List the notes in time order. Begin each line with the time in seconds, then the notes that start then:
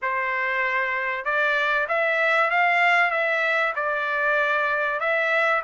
0.01 C5
1.24 D5
1.88 E5
2.50 F5
3.11 E5
3.75 D5
5.00 E5